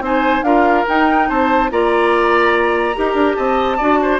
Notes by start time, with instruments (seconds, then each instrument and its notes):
0.00 bassoon C4, clarinet D#4, oboe C5, flute G#5
0.42 bassoon D4, clarinet F4, oboe A#4, flute F5
0.87 clarinet D#4, bassoon D#4, flute G5
1.29 bassoon C4, oboe C5, flute A5
1.71 bassoon A#3, clarinet F4, oboe D5, flute A#5
2.95 bassoon D#4, clarinet G4, oboe A#4
3.14 bassoon D4
3.35 bassoon C4, oboe D#5, flute A5
3.77 bassoon D4, clarinet F#4, oboe D5
4.02 oboe C5